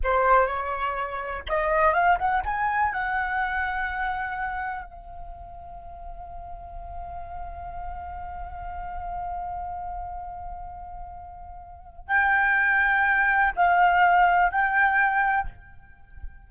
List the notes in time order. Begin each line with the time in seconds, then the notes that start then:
0.03 C5
0.46 C#5
1.48 D#5
1.93 F5
2.18 F#5
2.45 G#5
2.92 F#5
4.85 F5
12.07 G5
13.55 F5
14.51 G5